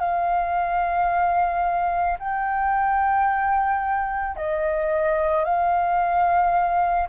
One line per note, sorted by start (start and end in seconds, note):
0.00 2.18 F5
2.20 4.37 G5
4.37 5.44 D#5
5.44 7.08 F5